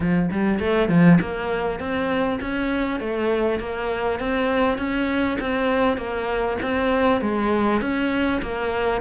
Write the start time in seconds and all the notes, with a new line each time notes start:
0.00 F3
0.31 G3
0.59 A3
0.88 F3
1.20 A#3
1.79 C4
2.41 C#4
3.00 A3
3.59 A#3
4.19 C4
4.78 C#4
5.40 C4
5.97 A#3
6.62 C4
7.21 G#3
7.81 C#4
8.42 A#3